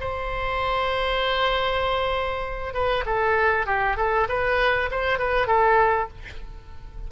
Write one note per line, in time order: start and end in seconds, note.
0.00 2.74 C5
2.74 3.04 B4
3.06 3.66 A4
3.66 3.96 G4
3.96 4.27 A4
4.28 4.90 B4
4.91 5.18 C5
5.18 5.47 B4
5.47 6.08 A4